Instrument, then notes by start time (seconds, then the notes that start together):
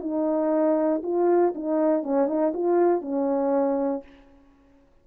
horn
0.00 D#4
1.03 F4
1.55 D#4
2.03 C#4
2.27 D#4
2.54 F4
3.01 C#4